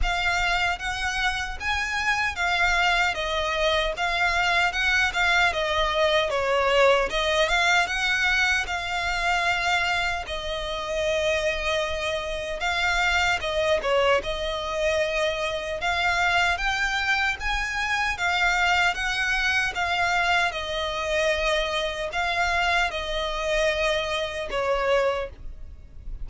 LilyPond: \new Staff \with { instrumentName = "violin" } { \time 4/4 \tempo 4 = 76 f''4 fis''4 gis''4 f''4 | dis''4 f''4 fis''8 f''8 dis''4 | cis''4 dis''8 f''8 fis''4 f''4~ | f''4 dis''2. |
f''4 dis''8 cis''8 dis''2 | f''4 g''4 gis''4 f''4 | fis''4 f''4 dis''2 | f''4 dis''2 cis''4 | }